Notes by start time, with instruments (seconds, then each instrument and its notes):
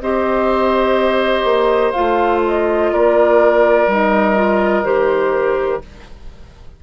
0.00 bassoon C4, clarinet G4, oboe C5, flute D#5
1.44 bassoon A#3
1.91 clarinet F4, flute F5
1.98 bassoon A3
2.47 flute D#5
2.93 bassoon A#3, oboe A#4, flute D5
3.87 bassoon G3, clarinet D#4, flute D#5
4.35 clarinet F4
4.84 bassoon D#3, clarinet G4, flute C5